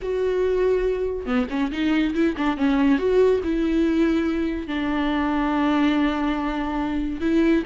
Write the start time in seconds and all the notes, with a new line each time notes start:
0.01 F#4
1.26 B3
1.50 C#4
1.71 D#4
2.14 E4
2.37 D4
2.57 C#4
2.98 F#4
3.43 E4
4.67 D4
7.21 E4